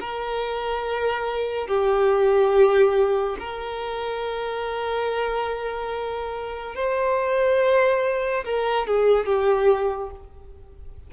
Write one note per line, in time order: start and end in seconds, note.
0.00 1.67 A#4
1.67 3.36 G4
3.39 6.75 A#4
6.75 8.44 C5
8.44 8.87 A#4
8.87 9.26 G#4
9.26 10.10 G4